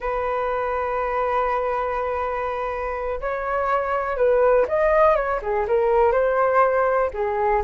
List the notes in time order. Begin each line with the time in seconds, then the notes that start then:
0.00 B4
3.21 C#5
4.16 B4
4.67 D#5
5.15 C#5
5.41 G#4
5.67 A#4
6.12 C5
7.13 G#4